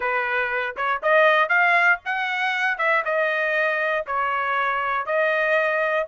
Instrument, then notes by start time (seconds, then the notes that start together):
trumpet
0.00 B4
0.76 C#5
1.02 D#5
1.49 F5
2.05 F#5
2.78 E5
3.04 D#5
4.06 C#5
5.06 D#5